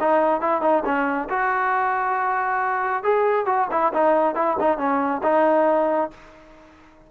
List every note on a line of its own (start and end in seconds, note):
0.00 0.41 D#4
0.41 0.62 E4
0.62 0.84 D#4
0.85 1.29 C#4
1.30 3.04 F#4
3.04 3.46 G#4
3.46 3.68 F#4
3.71 3.93 E4
3.94 4.35 D#4
4.35 4.57 E4
4.60 4.78 D#4
4.78 5.22 C#4
5.23 6.11 D#4